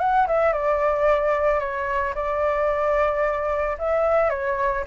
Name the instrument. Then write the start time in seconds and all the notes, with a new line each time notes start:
flute
0.00 F#5
0.28 E5
0.53 D5
1.60 C#5
2.15 D5
3.79 E5
4.30 C#5